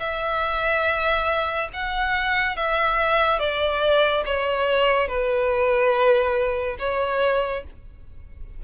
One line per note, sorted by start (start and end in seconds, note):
0.00 1.69 E5
1.73 2.57 F#5
2.57 3.40 E5
3.40 4.24 D5
4.26 5.08 C#5
5.08 6.77 B4
6.79 7.64 C#5